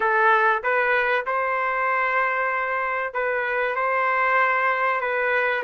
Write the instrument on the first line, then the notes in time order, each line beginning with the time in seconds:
trumpet
0.00 A4
0.62 B4
1.26 C5
3.13 B4
3.75 C5
5.00 B4